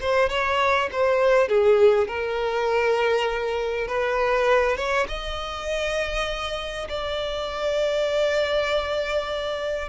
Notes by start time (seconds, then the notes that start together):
0.00 C5
0.29 C#5
0.92 C5
1.48 G#4
2.08 A#4
3.87 B4
4.76 C#5
5.08 D#5
6.89 D5